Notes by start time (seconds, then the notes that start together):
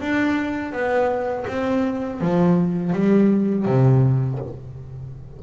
0.00 D4
0.72 B3
1.47 C4
2.21 F3
2.93 G3
3.66 C3